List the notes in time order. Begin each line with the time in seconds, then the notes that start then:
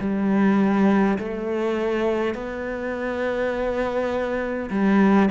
0.00 G3
1.18 A3
2.34 B3
4.70 G3